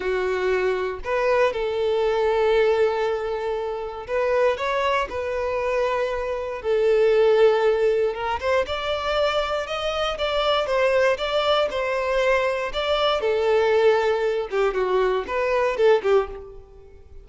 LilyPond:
\new Staff \with { instrumentName = "violin" } { \time 4/4 \tempo 4 = 118 fis'2 b'4 a'4~ | a'1 | b'4 cis''4 b'2~ | b'4 a'2. |
ais'8 c''8 d''2 dis''4 | d''4 c''4 d''4 c''4~ | c''4 d''4 a'2~ | a'8 g'8 fis'4 b'4 a'8 g'8 | }